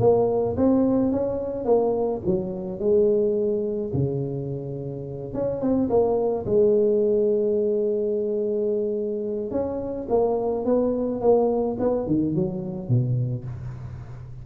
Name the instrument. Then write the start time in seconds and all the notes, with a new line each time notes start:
tuba
0.00 A#3
0.57 C4
1.12 C#4
1.65 A#3
2.26 F#3
2.80 G#3
3.94 C#3
5.34 C#4
5.61 C4
5.90 A#3
6.46 G#3
9.51 C#4
10.09 A#3
10.65 B3
11.21 A#3
11.80 B3
12.07 D#3
12.35 F#3
12.89 B2